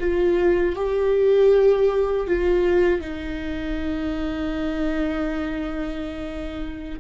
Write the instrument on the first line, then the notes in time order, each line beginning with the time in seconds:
viola
0.00 F4
0.76 G4
2.27 F4
3.01 D#4